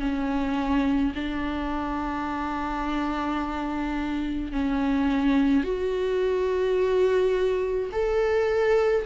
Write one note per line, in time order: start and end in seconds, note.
0.00 1.13 C#4
1.15 4.53 D4
4.53 5.64 C#4
5.64 7.90 F#4
7.92 9.06 A4